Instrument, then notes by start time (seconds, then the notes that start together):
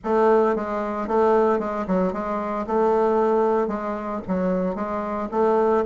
bassoon
0.03 A3
0.55 G#3
1.07 A3
1.59 G#3
1.87 F#3
2.12 G#3
2.66 A3
3.67 G#3
4.27 F#3
4.75 G#3
5.31 A3